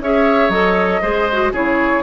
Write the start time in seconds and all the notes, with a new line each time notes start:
0.00 C#4 G#4 C#5 E5
0.49 F#3 A4 D#5
1.02 G#3 G#4 C5
1.32 F#4
1.52 C#3 E4 G#4 C#5